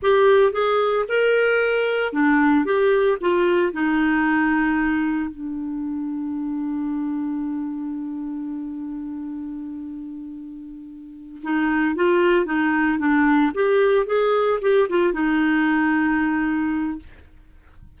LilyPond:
\new Staff \with { instrumentName = "clarinet" } { \time 4/4 \tempo 4 = 113 g'4 gis'4 ais'2 | d'4 g'4 f'4 dis'4~ | dis'2 d'2~ | d'1~ |
d'1~ | d'4. dis'4 f'4 dis'8~ | dis'8 d'4 g'4 gis'4 g'8 | f'8 dis'2.~ dis'8 | }